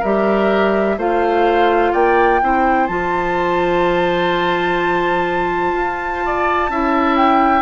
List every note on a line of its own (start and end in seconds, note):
0.00 0.97 G3
0.00 0.98 G4
0.00 0.95 A#4
0.00 0.99 E5
0.97 1.93 A3
0.97 2.41 F4
0.97 1.92 C5
0.97 1.94 F5
1.92 2.41 A#3
1.92 2.40 D5
1.92 2.87 G5
2.41 2.89 C4
2.41 2.88 E4
2.41 6.24 C5
2.87 5.73 F3
2.87 6.69 F4
2.87 7.16 A5
5.73 6.68 F4
6.25 6.71 D5
6.69 7.62 C#4
6.69 7.62 E4
6.69 7.62 E5
7.16 7.62 G5